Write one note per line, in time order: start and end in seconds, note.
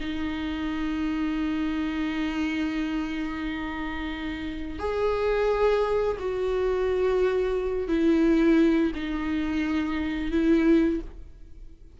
0.00 4.79 D#4
4.79 6.17 G#4
6.19 7.88 F#4
7.88 8.91 E4
8.95 10.31 D#4
10.31 11.00 E4